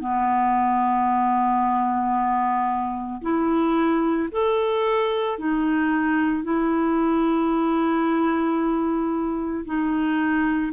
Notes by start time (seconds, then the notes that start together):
0.00 B3
3.22 E4
4.32 A4
5.39 D#4
6.44 E4
9.65 D#4